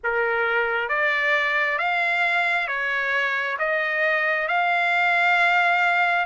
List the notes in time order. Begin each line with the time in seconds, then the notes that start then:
0.03 A#4
0.88 D5
1.78 F5
2.67 C#5
3.58 D#5
4.48 F5